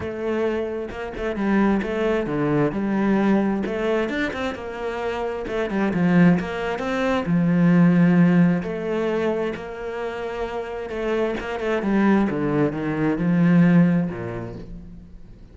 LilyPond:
\new Staff \with { instrumentName = "cello" } { \time 4/4 \tempo 4 = 132 a2 ais8 a8 g4 | a4 d4 g2 | a4 d'8 c'8 ais2 | a8 g8 f4 ais4 c'4 |
f2. a4~ | a4 ais2. | a4 ais8 a8 g4 d4 | dis4 f2 ais,4 | }